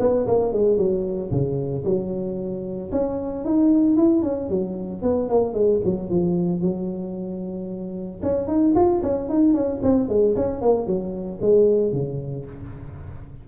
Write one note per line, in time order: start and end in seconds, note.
0.00 0.27 B3
0.27 0.53 A#3
0.53 0.78 G#3
0.78 1.31 F#3
1.31 1.84 C#3
1.85 2.91 F#3
2.92 3.45 C#4
3.45 3.97 D#4
3.97 4.23 E4
4.23 4.49 C#4
4.49 5.02 F#3
5.02 5.29 B3
5.29 5.54 A#3
5.54 5.80 G#3
5.85 6.10 F#3
6.10 6.62 F3
6.62 8.21 F#3
8.23 8.47 C#4
8.47 8.74 D#4
8.75 9.02 F4
9.03 9.29 C#4
9.29 9.54 D#4
9.54 9.81 C#4
9.83 10.09 C4
10.09 10.35 G#3
10.36 10.61 C#4
10.61 10.87 A#3
10.87 11.40 F#3
11.42 11.93 G#3
11.93 12.46 C#3